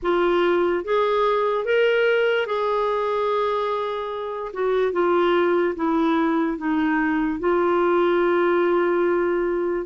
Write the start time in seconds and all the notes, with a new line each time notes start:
0.02 F4
0.84 G#4
1.64 A#4
2.46 G#4
4.53 F#4
4.92 F4
5.75 E4
6.57 D#4
7.39 F4